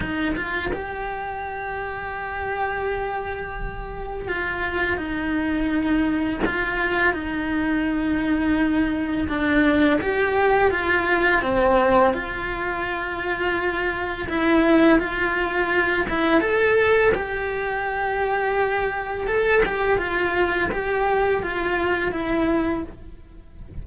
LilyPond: \new Staff \with { instrumentName = "cello" } { \time 4/4 \tempo 4 = 84 dis'8 f'8 g'2.~ | g'2 f'4 dis'4~ | dis'4 f'4 dis'2~ | dis'4 d'4 g'4 f'4 |
c'4 f'2. | e'4 f'4. e'8 a'4 | g'2. a'8 g'8 | f'4 g'4 f'4 e'4 | }